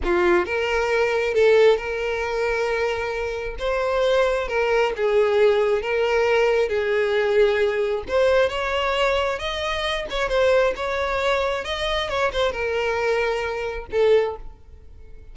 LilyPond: \new Staff \with { instrumentName = "violin" } { \time 4/4 \tempo 4 = 134 f'4 ais'2 a'4 | ais'1 | c''2 ais'4 gis'4~ | gis'4 ais'2 gis'4~ |
gis'2 c''4 cis''4~ | cis''4 dis''4. cis''8 c''4 | cis''2 dis''4 cis''8 c''8 | ais'2. a'4 | }